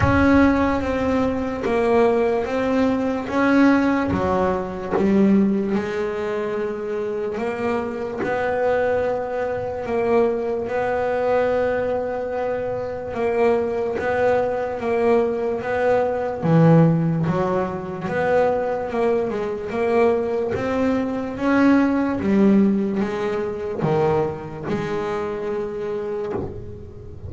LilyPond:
\new Staff \with { instrumentName = "double bass" } { \time 4/4 \tempo 4 = 73 cis'4 c'4 ais4 c'4 | cis'4 fis4 g4 gis4~ | gis4 ais4 b2 | ais4 b2. |
ais4 b4 ais4 b4 | e4 fis4 b4 ais8 gis8 | ais4 c'4 cis'4 g4 | gis4 dis4 gis2 | }